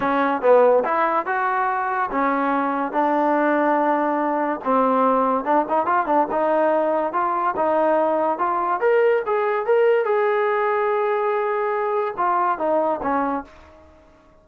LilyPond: \new Staff \with { instrumentName = "trombone" } { \time 4/4 \tempo 4 = 143 cis'4 b4 e'4 fis'4~ | fis'4 cis'2 d'4~ | d'2. c'4~ | c'4 d'8 dis'8 f'8 d'8 dis'4~ |
dis'4 f'4 dis'2 | f'4 ais'4 gis'4 ais'4 | gis'1~ | gis'4 f'4 dis'4 cis'4 | }